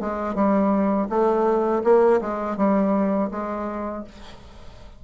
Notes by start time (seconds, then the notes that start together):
0.00 G#3
0.35 G3
1.09 A3
1.84 A#3
2.21 G#3
2.56 G3
3.31 G#3